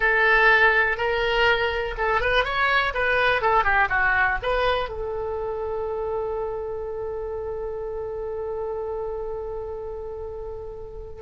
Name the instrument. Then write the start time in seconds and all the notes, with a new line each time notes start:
oboe
0.00 A4
0.97 A#4
1.97 A4
2.20 B4
2.44 C#5
2.94 B4
3.41 A4
3.63 G4
3.89 F#4
4.42 B4
4.89 A4